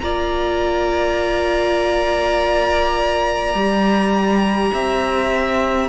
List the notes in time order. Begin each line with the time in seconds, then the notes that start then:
0.00 A#3 F4 D5 A#5
3.54 G3 G4
4.73 C4 E5